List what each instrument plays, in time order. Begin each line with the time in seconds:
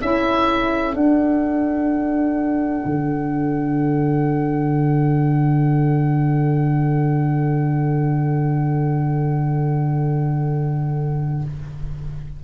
0.00 tuba C#4, saxophone E4 A4, oboe E5
0.93 saxophone D4, tuba D4, oboe F#5
2.85 tuba D3